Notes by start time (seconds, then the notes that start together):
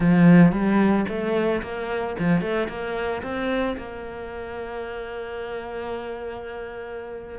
0.00 F3
0.52 G3
1.08 A3
1.62 A#3
2.19 F3
2.41 A3
2.68 A#3
3.23 C4
3.77 A#3